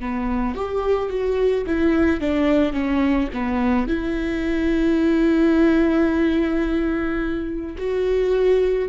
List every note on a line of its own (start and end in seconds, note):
0.00 0.55 B3
0.55 1.10 G4
1.10 1.65 F#4
1.66 2.21 E4
2.21 2.73 D4
2.73 3.28 C#4
3.33 3.87 B3
3.87 7.76 E4
7.77 8.88 F#4